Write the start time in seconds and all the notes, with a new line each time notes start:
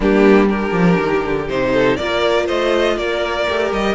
0.00 G3 A#3 D4 G4
0.47 D4 G4 A#4
0.72 F3
0.99 D#3
1.24 D3
1.49 C3 D#4 C5
1.72 A4
1.96 A#3 F4 A#4 D5
2.46 A3 C5 D#5
2.97 A#3 A#4 D5
3.48 A3 G4
3.71 G3 D#5